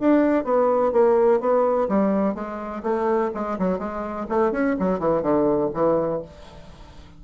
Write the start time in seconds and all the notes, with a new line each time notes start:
0.00 D4
0.44 B3
0.92 A#3
1.40 B3
1.88 G3
2.34 G#3
2.83 A3
3.34 G#3
3.58 F#3
3.78 G#3
4.29 A3
4.52 C#4
4.79 F#3
4.99 E3
5.22 D3
5.74 E3